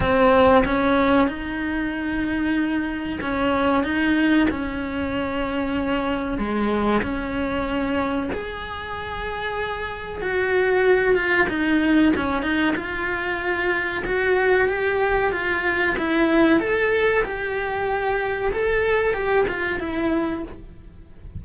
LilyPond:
\new Staff \with { instrumentName = "cello" } { \time 4/4 \tempo 4 = 94 c'4 cis'4 dis'2~ | dis'4 cis'4 dis'4 cis'4~ | cis'2 gis4 cis'4~ | cis'4 gis'2. |
fis'4. f'8 dis'4 cis'8 dis'8 | f'2 fis'4 g'4 | f'4 e'4 a'4 g'4~ | g'4 a'4 g'8 f'8 e'4 | }